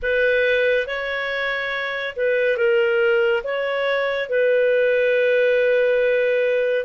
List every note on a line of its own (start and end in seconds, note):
0.02 0.86 B4
0.86 2.15 C#5
2.16 2.57 B4
2.57 3.42 A#4
3.43 4.29 C#5
4.29 6.85 B4